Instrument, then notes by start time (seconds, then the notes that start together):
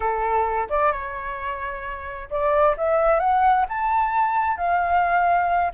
flute
0.00 A4
0.69 D5
0.91 C#5
2.30 D5
2.77 E5
3.19 F#5
3.68 A5
4.57 F5